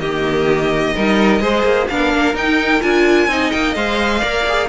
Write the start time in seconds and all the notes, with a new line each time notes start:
0.00 D#3 A#3 G4 D#5
0.96 G3 D#4 A#4
1.41 G#3 G#4 C5
1.63 A#3
1.89 B3 D4 A#4 F5
2.15 A#3
2.34 D#4 G5
2.82 D4 F4 G#5
3.28 C4 D#4 D#5
3.52 A#3 G5
3.75 G#3 C5 F5
4.21 A#3 A#4 D5
4.49 G#4